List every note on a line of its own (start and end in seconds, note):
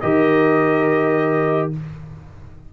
0.00 1.73 D#3
0.00 1.73 G4
0.00 1.72 A#4
0.00 1.70 D#5